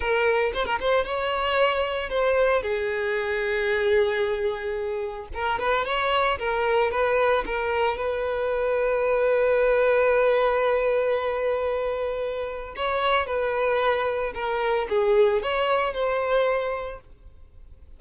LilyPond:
\new Staff \with { instrumentName = "violin" } { \time 4/4 \tempo 4 = 113 ais'4 c''16 ais'16 c''8 cis''2 | c''4 gis'2.~ | gis'2 ais'8 b'8 cis''4 | ais'4 b'4 ais'4 b'4~ |
b'1~ | b'1 | cis''4 b'2 ais'4 | gis'4 cis''4 c''2 | }